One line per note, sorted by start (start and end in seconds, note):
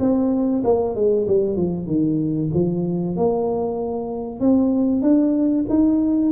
0.00 0.63 C4
0.64 0.96 A#3
0.96 1.27 G#3
1.28 1.56 G3
1.56 1.87 F3
1.87 2.50 D#3
2.54 3.16 F3
3.16 4.40 A#3
4.40 5.02 C4
5.02 5.65 D4
5.69 6.32 D#4